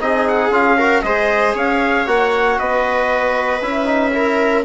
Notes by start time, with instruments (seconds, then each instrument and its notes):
0.00 bassoon C4, trombone D#4, viola G#4, trumpet D#5
0.28 trumpet F#5
0.50 bassoon C#4, trombone F4, trumpet F5
0.78 trombone F#4, viola A#4
1.02 bassoon G#3, trombone G#4, viola C5, trumpet D#5
1.54 bassoon C#4, viola C#5, trumpet F5
2.06 bassoon A#3, trombone F#4, trumpet F#5
2.59 bassoon B3, viola B4, trumpet D#5
3.61 bassoon C#4, trombone E4, trumpet E5
3.86 trombone D#4
4.12 trombone E4, viola A#4